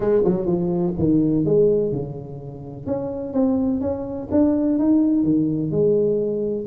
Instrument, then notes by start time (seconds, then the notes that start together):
tuba
0.00 G#3
0.24 F#3
0.46 F3
0.98 D#3
1.45 G#3
1.92 C#3
2.86 C#4
3.33 C4
3.81 C#4
4.31 D4
4.78 D#4
5.23 D#3
5.71 G#3